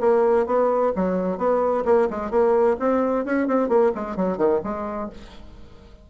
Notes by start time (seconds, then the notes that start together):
0.00 A#3
0.46 B3
0.95 F#3
1.37 B3
1.85 A#3
2.10 G#3
2.30 A#3
2.79 C4
3.25 C#4
3.47 C4
3.68 A#3
3.95 G#3
4.16 F#3
4.37 D#3
4.63 G#3